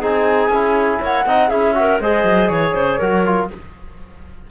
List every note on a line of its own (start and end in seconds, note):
0.00 0.48 C4
0.00 0.51 D#4
0.00 0.99 G#4
0.00 1.02 G#5
0.48 0.98 C#4
0.48 1.26 E4
1.00 1.26 A#3
1.00 1.25 C#5
1.00 1.49 F#5
1.26 1.50 C4
1.26 1.51 D#4
1.26 1.48 D#5
1.48 1.99 C#4
1.48 1.74 E4
1.48 1.73 G#4
1.48 1.99 E5
1.74 1.99 F#4
1.74 2.01 A#4
1.99 2.24 G#3
1.99 3.01 G#4
1.99 2.51 C5
1.99 2.48 D#5
2.24 2.49 F#3
2.48 2.74 E3
2.48 3.48 C#5
2.48 2.74 C#5
2.74 3.00 C#3
2.74 2.98 C5
2.98 3.50 F#3
2.98 3.25 F#4
2.98 3.48 A#4
3.25 3.50 F4